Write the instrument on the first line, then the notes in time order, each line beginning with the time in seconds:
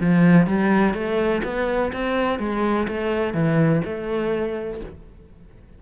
cello
0.00 F3
0.46 G3
0.93 A3
1.43 B3
1.92 C4
2.39 G#3
2.88 A3
3.34 E3
3.84 A3